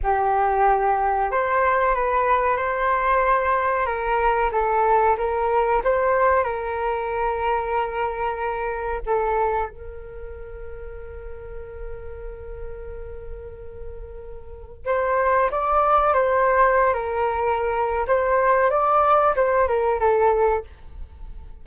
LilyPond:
\new Staff \with { instrumentName = "flute" } { \time 4/4 \tempo 4 = 93 g'2 c''4 b'4 | c''2 ais'4 a'4 | ais'4 c''4 ais'2~ | ais'2 a'4 ais'4~ |
ais'1~ | ais'2. c''4 | d''4 c''4~ c''16 ais'4.~ ais'16 | c''4 d''4 c''8 ais'8 a'4 | }